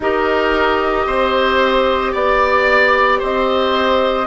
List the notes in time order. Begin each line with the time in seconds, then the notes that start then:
0.00 D#4 G4 A#4 D#5
1.06 C4 C5
2.12 B3 D5
3.19 C4 C5 D#5